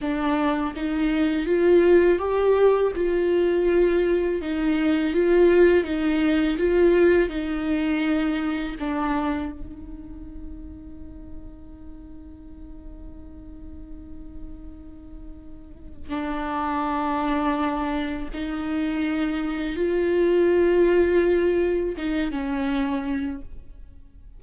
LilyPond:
\new Staff \with { instrumentName = "viola" } { \time 4/4 \tempo 4 = 82 d'4 dis'4 f'4 g'4 | f'2 dis'4 f'4 | dis'4 f'4 dis'2 | d'4 dis'2.~ |
dis'1~ | dis'2 d'2~ | d'4 dis'2 f'4~ | f'2 dis'8 cis'4. | }